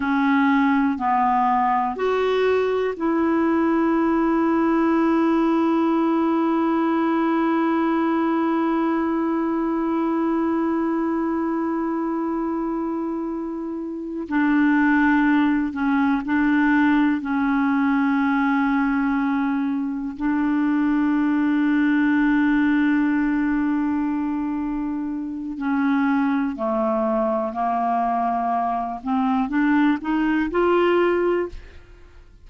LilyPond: \new Staff \with { instrumentName = "clarinet" } { \time 4/4 \tempo 4 = 61 cis'4 b4 fis'4 e'4~ | e'1~ | e'1~ | e'2~ e'8 d'4. |
cis'8 d'4 cis'2~ cis'8~ | cis'8 d'2.~ d'8~ | d'2 cis'4 a4 | ais4. c'8 d'8 dis'8 f'4 | }